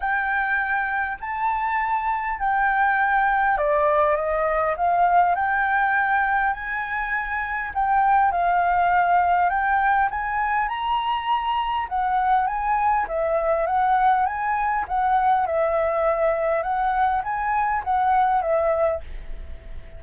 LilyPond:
\new Staff \with { instrumentName = "flute" } { \time 4/4 \tempo 4 = 101 g''2 a''2 | g''2 d''4 dis''4 | f''4 g''2 gis''4~ | gis''4 g''4 f''2 |
g''4 gis''4 ais''2 | fis''4 gis''4 e''4 fis''4 | gis''4 fis''4 e''2 | fis''4 gis''4 fis''4 e''4 | }